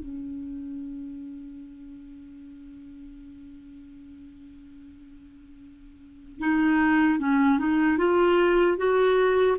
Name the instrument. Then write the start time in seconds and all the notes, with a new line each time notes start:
clarinet
0.00 C#4
6.39 D#4
7.19 C#4
7.59 D#4
7.98 F4
8.78 F#4